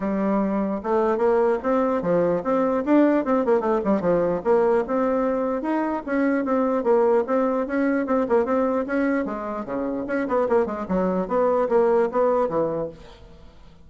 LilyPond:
\new Staff \with { instrumentName = "bassoon" } { \time 4/4 \tempo 4 = 149 g2 a4 ais4 | c'4 f4 c'4 d'4 | c'8 ais8 a8 g8 f4 ais4 | c'2 dis'4 cis'4 |
c'4 ais4 c'4 cis'4 | c'8 ais8 c'4 cis'4 gis4 | cis4 cis'8 b8 ais8 gis8 fis4 | b4 ais4 b4 e4 | }